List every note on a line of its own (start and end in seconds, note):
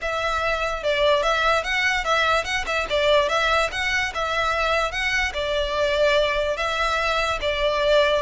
0.01 0.83 E5
0.83 1.22 D5
1.22 1.63 E5
1.63 2.04 F#5
2.04 2.44 E5
2.44 2.65 F#5
2.66 2.87 E5
2.89 3.29 D5
3.29 3.70 E5
3.71 4.12 F#5
4.14 4.91 E5
4.91 5.32 F#5
5.33 6.56 D5
6.56 7.38 E5
7.41 8.22 D5